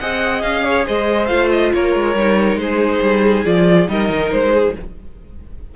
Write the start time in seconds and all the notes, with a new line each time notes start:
0.00 C4 G#4 D#5 F#5
0.42 C#4 F5
0.65 C#5
0.87 G#3 C5 D#5
1.28 A3 F4 F5
1.51 D#5
1.74 A#3 A#4 C#5
1.96 G#3
2.15 G3 D#4
2.56 G#3 G#4 C5
3.02 G3
3.45 F3 F4 D5
3.88 G3 D#4 A#4 D#5
4.09 D#3
4.32 G#3 C5
4.54 G#4